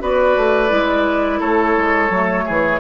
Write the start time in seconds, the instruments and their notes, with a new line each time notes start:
0.00 bassoon B3, clarinet F#4, oboe B4, flute D5
0.37 bassoon A3
0.69 bassoon G#3, clarinet E4
1.40 bassoon A3, oboe A4, flute C#5
1.77 bassoon G#3
2.10 bassoon F#3, clarinet A3
2.46 bassoon E3, oboe G#4